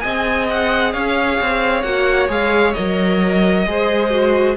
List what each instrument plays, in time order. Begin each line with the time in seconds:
0.00 cello C4, viola G#4, violin D#5 G#5
0.50 violin F#5
0.93 cello C#4, violin C#5 F5
1.41 cello C4
1.82 cello A#3, viola F#4, violin F#5
2.29 cello G#3, viola G#4, violin F5
2.73 cello F#3, viola A#4, violin D#5
3.66 cello G#3, viola G#4, violin C5
4.11 viola F#4